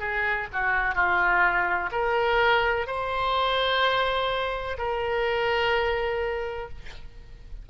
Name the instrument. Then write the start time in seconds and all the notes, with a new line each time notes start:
oboe
0.00 G#4
0.53 F#4
0.95 F4
1.92 A#4
2.87 C5
4.78 A#4